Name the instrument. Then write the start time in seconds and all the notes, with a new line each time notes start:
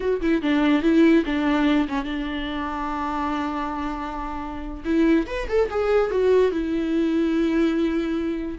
viola
0.00 F#4
0.21 E4
0.42 D4
0.82 E4
1.25 D4
1.88 C#4
2.04 D4
4.85 E4
5.26 B4
5.48 A4
5.70 G#4
6.10 F#4
6.51 E4